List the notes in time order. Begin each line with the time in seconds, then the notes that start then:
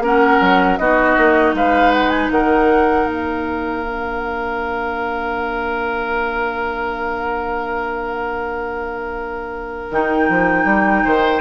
0.00 A#3 C#4 A#4 F#5
0.41 F#3
0.78 B3 D#4 F#4 D#5
1.18 A#3
1.54 G#3 B4 F5
1.92 F#5
2.10 G#5
2.31 D#3 A#4 F#5
3.07 A#3 F5
3.84 D4
9.92 D#3 D#4 G5
10.30 F3
10.65 G3
11.05 D#3 C5